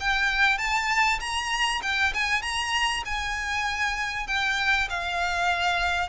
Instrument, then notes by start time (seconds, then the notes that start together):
violin
0.00 G5
0.58 A5
1.20 A#5
1.82 G5
2.14 G#5
2.42 A#5
3.05 G#5
4.27 G5
4.89 F5